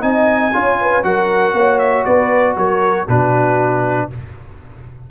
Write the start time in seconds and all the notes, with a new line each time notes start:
0.00 C4 D#4 D#5 G#5
0.53 C#4 F4 C#5
0.81 B4
1.03 F#3 F#4 A#4 F#5
1.53 A#3 C#5
1.78 E5
2.05 B3 B4 D5
2.56 F#3 A#4 C#5
3.07 B2 D4 F#4 B4